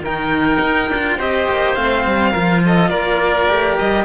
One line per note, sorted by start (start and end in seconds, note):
0.00 0.58 D#3
0.00 0.92 D#4
0.00 1.17 A#4
0.00 1.20 G5
0.60 0.89 D#4
0.89 1.18 D4
0.89 1.19 F4
1.17 1.47 C4
1.17 1.76 G4
1.17 2.31 C5
1.17 1.75 D#5
1.48 1.76 A#3
1.75 2.05 A3
1.75 2.34 C4
1.75 2.61 F5
2.06 2.35 G3
2.31 2.91 F3
2.31 3.48 F4
2.31 2.60 A#4
2.66 2.90 A4
2.66 2.90 D#5
2.90 3.48 A#3
2.90 4.04 A#4
2.90 3.76 D5
3.48 3.78 A3
3.48 4.04 G4
3.79 4.04 G3
3.79 4.04 D#5